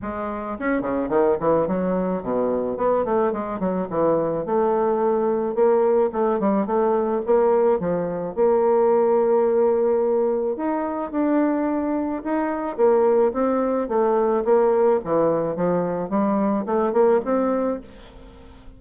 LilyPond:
\new Staff \with { instrumentName = "bassoon" } { \time 4/4 \tempo 4 = 108 gis4 cis'8 cis8 dis8 e8 fis4 | b,4 b8 a8 gis8 fis8 e4 | a2 ais4 a8 g8 | a4 ais4 f4 ais4~ |
ais2. dis'4 | d'2 dis'4 ais4 | c'4 a4 ais4 e4 | f4 g4 a8 ais8 c'4 | }